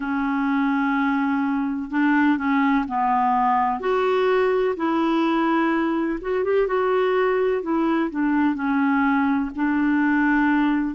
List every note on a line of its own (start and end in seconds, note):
0.00 1.90 C#4
1.90 2.37 D4
2.37 2.85 C#4
2.87 3.80 B3
3.80 4.75 F#4
4.76 6.19 E4
6.21 6.44 F#4
6.44 6.67 G4
6.67 7.62 F#4
7.62 8.10 E4
8.10 8.55 D4
8.55 9.50 C#4
9.55 10.94 D4